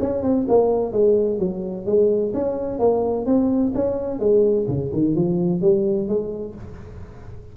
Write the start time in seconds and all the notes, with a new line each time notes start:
0.00 C#4
0.23 C4
0.48 A#3
0.92 G#3
1.39 F#3
1.86 G#3
2.34 C#4
2.79 A#3
3.26 C4
3.74 C#4
4.20 G#3
4.68 C#3
4.93 D#3
5.15 F3
5.62 G3
6.08 G#3